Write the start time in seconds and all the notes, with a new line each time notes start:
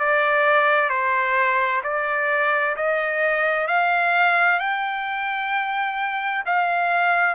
0.00 D5
0.90 C5
1.84 D5
2.77 D#5
3.68 F5
4.60 G5
6.46 F5